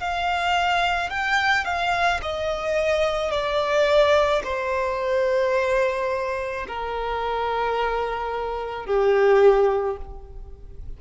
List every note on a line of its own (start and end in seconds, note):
0.00 1.11 F5
1.11 1.65 G5
1.65 2.21 F5
2.23 3.32 D#5
3.32 4.43 D5
4.44 6.67 C5
6.69 8.86 A#4
8.86 9.97 G4